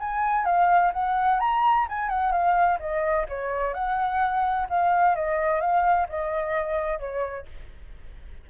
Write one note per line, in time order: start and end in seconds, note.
0.00 0.45 G#5
0.45 0.92 F5
0.93 1.40 F#5
1.40 1.87 A#5
1.89 2.09 G#5
2.09 2.32 F#5
2.32 2.79 F5
2.80 3.26 D#5
3.29 3.74 C#5
3.74 4.68 F#5
4.70 5.15 F5
5.15 5.61 D#5
5.61 6.07 F5
6.09 6.99 D#5
6.99 7.46 C#5